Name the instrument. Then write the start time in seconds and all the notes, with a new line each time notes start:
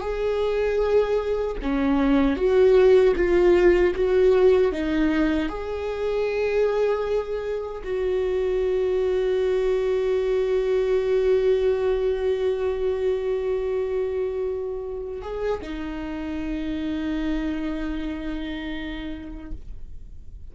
viola
0.00 G#4
1.62 C#4
2.36 F#4
3.16 F4
3.95 F#4
4.71 D#4
5.49 G#4
7.83 F#4
15.22 G#4
15.62 D#4